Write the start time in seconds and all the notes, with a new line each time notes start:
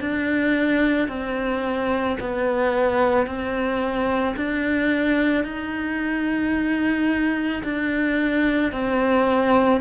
0.00 D4
1.08 C4
2.20 B3
3.26 C4
4.36 D4
5.44 D#4
7.63 D4
8.72 C4